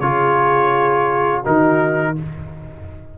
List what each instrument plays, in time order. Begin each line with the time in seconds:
0.00 tuba C#3, trombone F4, horn G#4, trumpet C#5
1.42 tuba D#3, trombone D#4, horn F#4, trumpet A#4